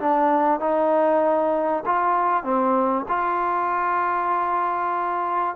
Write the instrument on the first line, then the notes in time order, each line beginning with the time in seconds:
trombone
0.00 D4
0.60 D#4
1.86 F4
2.44 C4
3.08 F4